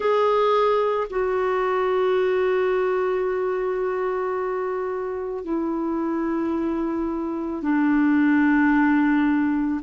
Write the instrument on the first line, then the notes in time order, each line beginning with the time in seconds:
clarinet
0.00 G#4
1.10 F#4
5.43 E4
7.62 D4